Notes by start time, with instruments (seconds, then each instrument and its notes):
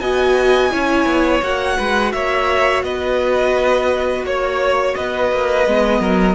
0.00 cello B3, viola F#4, violin D#5 G#5
0.71 cello C#4, viola E4, violin C#5
1.06 cello B3
1.42 cello A#3, viola F#4, violin F#5
1.77 cello G#3, violin B4
2.12 cello A#3, violin C#5 E5
2.83 cello B3, violin B4 D#5
4.24 cello A#3, violin C#5
4.95 cello B3, violin B4 D#5
5.32 cello A#3
5.67 cello G#3, viola B3
6.00 cello F#3, violin A#4